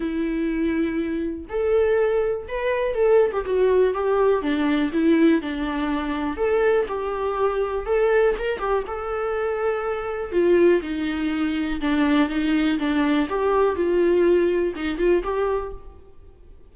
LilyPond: \new Staff \with { instrumentName = "viola" } { \time 4/4 \tempo 4 = 122 e'2. a'4~ | a'4 b'4 a'8. g'16 fis'4 | g'4 d'4 e'4 d'4~ | d'4 a'4 g'2 |
a'4 ais'8 g'8 a'2~ | a'4 f'4 dis'2 | d'4 dis'4 d'4 g'4 | f'2 dis'8 f'8 g'4 | }